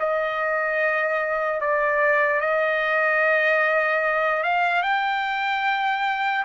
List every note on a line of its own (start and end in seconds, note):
0.00 1.61 D#5
1.61 2.41 D5
2.41 4.43 D#5
4.43 4.83 F5
4.83 6.45 G5